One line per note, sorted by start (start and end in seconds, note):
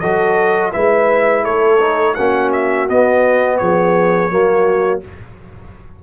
0.00 0.74 F#3
0.00 0.72 F#4
0.00 0.72 A4
0.00 0.71 D#5
0.72 1.46 G#3
0.72 1.79 E4
0.72 1.44 B4
0.72 1.44 E5
1.44 2.17 A3
1.44 2.15 A4
1.44 2.14 C#5
1.80 2.16 D#4
2.14 2.89 A#3
2.14 2.88 C#4
2.14 3.58 F#4
2.14 2.50 F#5
2.52 2.88 E5
2.88 4.30 B3
2.88 3.61 B3
2.88 3.58 D#5
3.58 4.31 F3
3.58 4.32 G#4
3.58 5.00 C#5
4.30 5.02 F#3
4.30 5.01 A#3
4.30 5.03 F#4